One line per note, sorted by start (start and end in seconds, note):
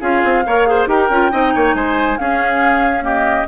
0.00 0.22 C#4
0.00 0.44 F4
0.00 0.43 G#4
0.00 0.87 F5
0.24 0.45 C4
0.45 0.86 A#3
0.45 0.66 A#4
0.45 0.67 C#5
0.66 0.87 G#4
0.66 0.88 C5
0.86 1.08 D#4
0.86 1.08 G4
0.86 1.31 A#4
0.86 1.74 G5
1.09 1.31 C#4
1.09 1.31 F4
1.31 1.54 C4
1.31 2.17 D#4
1.31 1.53 D#5
1.54 1.73 A#3
1.54 1.75 C#5
1.73 2.17 G#3
1.73 2.19 C5
1.73 2.17 G#5
2.17 3.00 C#4
2.17 3.47 C#4
2.17 3.04 G#4
2.17 3.03 F5
3.00 3.43 A#3
3.00 3.47 G4
3.00 3.47 D#5